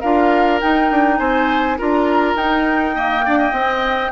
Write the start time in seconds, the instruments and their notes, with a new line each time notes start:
0.00 bassoon D4, clarinet F4, oboe A#4, flute F5
0.60 clarinet D#4, bassoon D#4, flute G5
0.90 bassoon D4
1.18 bassoon C4, oboe C5, flute G#5
1.78 bassoon D4, clarinet F4, oboe A#4, flute A#5
2.35 bassoon D#4, clarinet D#4, flute G5
2.95 clarinet A#3, oboe D#5
3.25 bassoon D4, oboe D5
3.37 oboe D#5
3.52 bassoon C4, clarinet C4